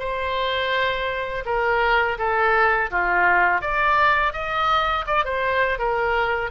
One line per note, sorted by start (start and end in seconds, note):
0.00 1.45 C5
1.46 2.18 A#4
2.19 2.91 A4
2.91 3.62 F4
3.62 4.33 D5
4.33 5.05 D#5
5.07 5.25 D5
5.25 5.79 C5
5.79 6.51 A#4